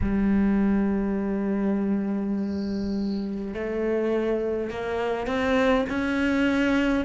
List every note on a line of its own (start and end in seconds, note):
0.01 3.53 G3
3.53 4.70 A3
4.70 5.26 A#3
5.26 5.85 C4
5.89 7.05 C#4